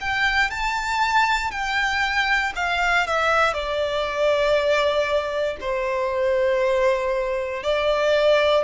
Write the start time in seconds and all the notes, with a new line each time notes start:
0.00 G5
0.50 A5
1.51 G5
2.56 F5
3.07 E5
3.53 D5
5.60 C5
7.63 D5